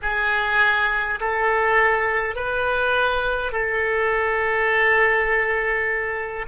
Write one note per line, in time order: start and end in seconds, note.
0.02 1.19 G#4
1.20 2.35 A4
2.35 3.51 B4
3.51 6.45 A4